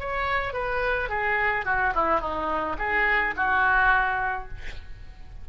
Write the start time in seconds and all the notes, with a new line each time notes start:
0.00 C#5
0.54 B4
1.09 G#4
1.66 F#4
1.95 E4
2.20 D#4
2.79 G#4
3.36 F#4